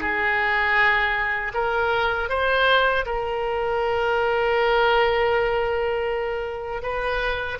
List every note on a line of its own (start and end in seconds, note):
0.00 1.52 G#4
1.54 2.29 A#4
2.29 3.05 C5
3.06 6.82 A#4
6.82 7.58 B4